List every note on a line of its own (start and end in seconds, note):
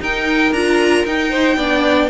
0.00 0.52 D#4
0.00 0.53 D#4
0.00 1.30 A#4
0.00 0.53 G5
0.52 1.04 D4
0.52 1.07 F4
0.52 1.05 A#5
1.05 1.56 D#4
1.05 1.59 D#4
1.05 2.10 G5
1.30 1.57 C5
1.56 2.09 B3
1.56 2.10 D4
1.56 2.09 D5